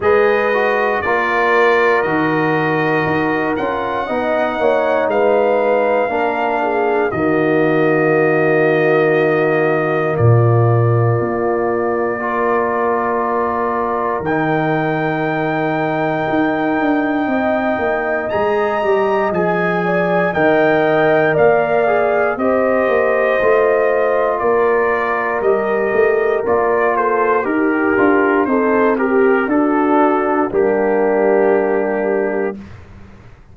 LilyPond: <<
  \new Staff \with { instrumentName = "trumpet" } { \time 4/4 \tempo 4 = 59 dis''4 d''4 dis''4. fis''8~ | fis''4 f''2 dis''4~ | dis''2 d''2~ | d''2 g''2~ |
g''2 ais''4 gis''4 | g''4 f''4 dis''2 | d''4 dis''4 d''8 c''8 ais'4 | c''8 ais'8 a'4 g'2 | }
  \new Staff \with { instrumentName = "horn" } { \time 4/4 b'4 ais'2. | dis''8 cis''8 b'4 ais'8 gis'8 fis'4~ | fis'2 f'2 | ais'1~ |
ais'4 dis''2~ dis''8 d''8 | dis''4 d''4 c''2 | ais'2~ ais'8 a'8 g'4 | a'8 g'8 fis'4 d'2 | }
  \new Staff \with { instrumentName = "trombone" } { \time 4/4 gis'8 fis'8 f'4 fis'4. f'8 | dis'2 d'4 ais4~ | ais1 | f'2 dis'2~ |
dis'2 gis'8 g'8 gis'4 | ais'4. gis'8 g'4 f'4~ | f'4 g'4 f'4 g'8 f'8 | dis'8 g'8 d'4 ais2 | }
  \new Staff \with { instrumentName = "tuba" } { \time 4/4 gis4 ais4 dis4 dis'8 cis'8 | b8 ais8 gis4 ais4 dis4~ | dis2 ais,4 ais4~ | ais2 dis2 |
dis'8 d'8 c'8 ais8 gis8 g8 f4 | dis4 ais4 c'8 ais8 a4 | ais4 g8 a8 ais4 dis'8 d'8 | c'4 d'4 g2 | }
>>